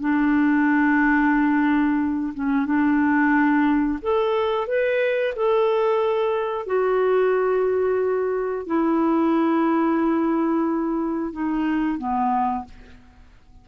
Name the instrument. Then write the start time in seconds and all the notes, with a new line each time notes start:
clarinet
0.00 D4
2.34 C#4
2.66 D4
4.02 A4
4.67 B4
5.36 A4
6.66 F#4
8.67 E4
11.32 D#4
11.98 B3